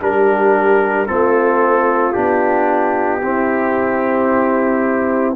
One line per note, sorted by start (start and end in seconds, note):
0.00 1.07 G3
0.00 1.07 D4
0.00 1.09 G4
0.00 1.06 A#4
1.06 2.16 A3
1.06 2.14 C4
1.06 3.23 F4
1.06 2.12 A4
2.12 3.22 B3
2.12 3.21 D4
2.12 5.33 G4
3.22 5.35 C4
3.22 5.35 E4